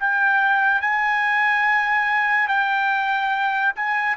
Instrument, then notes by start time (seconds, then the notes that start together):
trumpet
0.00 G5
0.82 G#5
2.48 G5
3.76 G#5